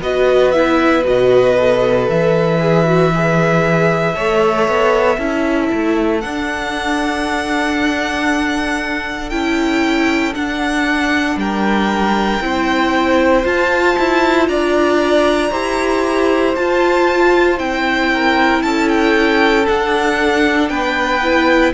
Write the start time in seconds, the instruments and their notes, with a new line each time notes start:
0.00 cello B3, viola F#4, violin B4 D#5
0.51 viola E4, violin E5
1.03 cello B2, viola F#4, violin D#5
1.58 viola A4
2.09 cello E3, violin E5
2.59 viola G#4
2.83 viola F#4
3.14 viola G#4
4.14 cello A3, viola A4, violin C#5
4.68 cello B3
5.17 cello C#4, viola E4, violin A4
5.72 cello A3
6.20 viola D4, cello D4, violin F#5
9.29 cello C#4, viola E4, violin G5
10.33 viola D4, cello D4, violin F#5
11.36 cello G3, violin A#4 G5
12.41 cello C4, viola E4, violin C5
13.44 viola F4, cello F4, violin A5
13.98 cello E4
14.47 cello D4, violin D5 A#5
15.50 cello E4, viola G4, violin C5
16.55 cello F4, viola F4, violin A5
17.57 cello C4, viola E4, violin G5
18.13 violin A#4
18.62 cello C#4, violin A4 A5
18.88 violin G5
19.65 viola D4, cello D4, violin F#5
20.69 cello B3, violin B4 G5
21.22 viola E4